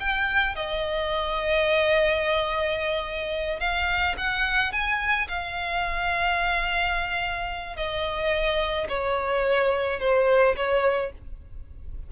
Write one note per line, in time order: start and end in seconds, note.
0.00 0.56 G5
0.56 3.60 D#5
3.60 4.15 F5
4.18 4.72 F#5
4.72 5.28 G#5
5.28 7.77 F5
7.77 8.88 D#5
8.89 10.00 C#5
10.00 10.56 C5
10.56 11.12 C#5